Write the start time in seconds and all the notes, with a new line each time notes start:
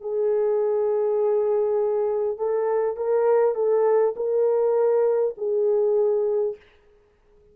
0.00 G#4
2.38 A4
2.96 A#4
3.55 A4
4.16 A#4
5.37 G#4